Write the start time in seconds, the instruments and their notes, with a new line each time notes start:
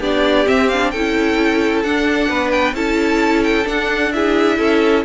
0.00 cello B3, viola D4, violin G4 D5
0.46 viola C4, cello C4, violin E5
0.69 viola D4, violin F5
0.91 cello C#4, viola E4, violin A4 G5
1.84 cello D4, viola D4, violin F#5
2.29 cello B3, violin B4
2.51 violin G5
2.74 cello C#4, viola E4, violin A4 A5
3.44 violin G5
3.65 viola D4, cello D4, violin F#5
4.13 viola E4, violin G#4 E5
4.59 cello C#4, violin A4